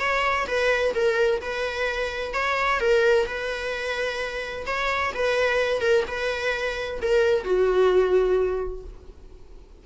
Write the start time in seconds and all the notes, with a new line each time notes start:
0.00 C#5
0.47 B4
0.95 A#4
1.42 B4
2.34 C#5
2.80 A#4
3.26 B4
4.67 C#5
5.15 B4
5.81 A#4
6.07 B4
7.02 A#4
7.44 F#4